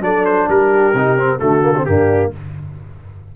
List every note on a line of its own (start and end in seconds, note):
0.00 0.46 F#3
0.00 0.93 D4
0.00 0.50 A4
0.00 0.25 D5
0.25 0.48 C5
0.48 0.93 G3
0.48 1.39 G4
0.48 1.39 A#4
0.93 1.39 C3
0.93 1.17 D#4
1.17 1.39 C4
1.39 1.87 D3
1.39 1.62 A3
1.39 1.85 F#4
1.39 1.85 A4
1.62 1.73 A#3
1.76 1.87 C4
1.85 2.33 G2
1.85 2.33 A#3
1.85 2.35 D4
1.85 2.31 G4